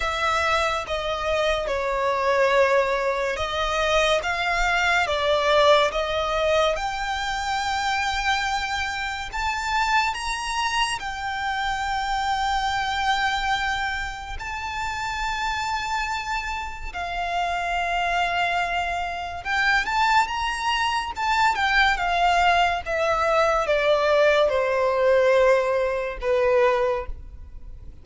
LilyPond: \new Staff \with { instrumentName = "violin" } { \time 4/4 \tempo 4 = 71 e''4 dis''4 cis''2 | dis''4 f''4 d''4 dis''4 | g''2. a''4 | ais''4 g''2.~ |
g''4 a''2. | f''2. g''8 a''8 | ais''4 a''8 g''8 f''4 e''4 | d''4 c''2 b'4 | }